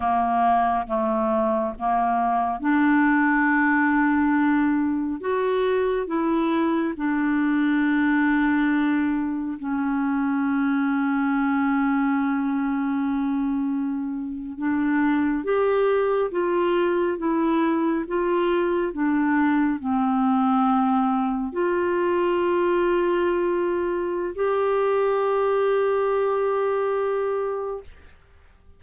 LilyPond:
\new Staff \with { instrumentName = "clarinet" } { \time 4/4 \tempo 4 = 69 ais4 a4 ais4 d'4~ | d'2 fis'4 e'4 | d'2. cis'4~ | cis'1~ |
cis'8. d'4 g'4 f'4 e'16~ | e'8. f'4 d'4 c'4~ c'16~ | c'8. f'2.~ f'16 | g'1 | }